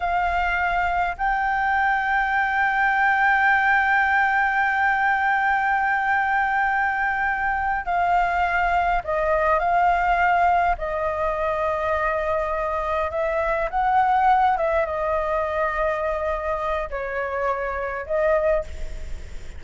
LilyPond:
\new Staff \with { instrumentName = "flute" } { \time 4/4 \tempo 4 = 103 f''2 g''2~ | g''1~ | g''1~ | g''4. f''2 dis''8~ |
dis''8 f''2 dis''4.~ | dis''2~ dis''8 e''4 fis''8~ | fis''4 e''8 dis''2~ dis''8~ | dis''4 cis''2 dis''4 | }